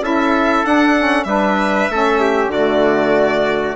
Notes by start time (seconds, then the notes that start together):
0.00 C#4 E4 A4 E5
0.65 D4 F#5
0.97 C#4
1.24 G3 D4 B4 E5
1.89 A3 C#4 A4
2.20 G4
2.47 D3 A3 F#4 D5